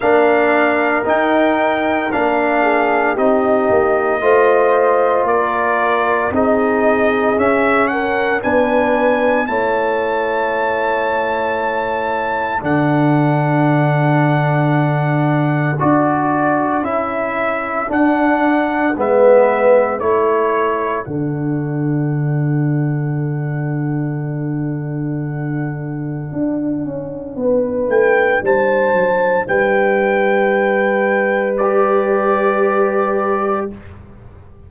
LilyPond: <<
  \new Staff \with { instrumentName = "trumpet" } { \time 4/4 \tempo 4 = 57 f''4 g''4 f''4 dis''4~ | dis''4 d''4 dis''4 e''8 fis''8 | gis''4 a''2. | fis''2. d''4 |
e''4 fis''4 e''4 cis''4 | fis''1~ | fis''2~ fis''8 g''8 a''4 | g''2 d''2 | }
  \new Staff \with { instrumentName = "horn" } { \time 4/4 ais'2~ ais'8 gis'8 g'4 | c''4 ais'4 gis'4. ais'8 | b'4 cis''2. | a'1~ |
a'2 b'4 a'4~ | a'1~ | a'2 b'4 c''4 | b'1 | }
  \new Staff \with { instrumentName = "trombone" } { \time 4/4 d'4 dis'4 d'4 dis'4 | f'2 dis'4 cis'4 | d'4 e'2. | d'2. fis'4 |
e'4 d'4 b4 e'4 | d'1~ | d'1~ | d'2 g'2 | }
  \new Staff \with { instrumentName = "tuba" } { \time 4/4 ais4 dis'4 ais4 c'8 ais8 | a4 ais4 c'4 cis'4 | b4 a2. | d2. d'4 |
cis'4 d'4 gis4 a4 | d1~ | d4 d'8 cis'8 b8 a8 g8 fis8 | g1 | }
>>